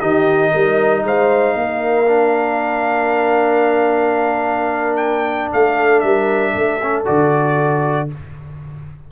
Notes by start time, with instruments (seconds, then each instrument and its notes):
0.00 tuba D#3, trombone D#4, horn G4, trumpet D#5
0.50 tuba G3, horn A#4
1.03 tuba G#3, horn C5, trumpet F5
1.55 tuba A#3, horn A#4
2.06 trombone D4
4.97 trumpet G5
5.53 tuba A3, horn A4, trumpet F5
6.00 tuba G3, horn A#4, trumpet E5
6.52 tuba A3, horn A4
6.82 trombone C#4
7.05 tuba D3, trombone F#4, trumpet D5